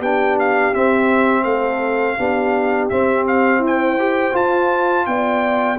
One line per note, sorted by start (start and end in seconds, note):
0.00 0.72 B3
0.00 0.74 D4
0.00 1.45 G4
0.00 0.39 G5
0.40 0.75 F5
0.74 2.18 C4
0.74 1.45 C4
0.74 1.44 E5
1.44 2.17 A3
1.44 2.17 A4
1.44 2.89 F5
2.19 2.91 B3
2.19 2.91 D4
2.19 3.63 G4
2.90 3.99 C4
2.90 3.59 C4
2.90 3.26 E5
3.28 3.64 F5
3.59 4.32 E4
3.59 5.08 C5
3.67 4.37 G5
3.99 4.33 G4
4.33 5.77 F4
4.33 5.07 F4
4.33 5.06 A5
5.06 5.79 B3
5.06 5.79 D5
5.06 5.79 G5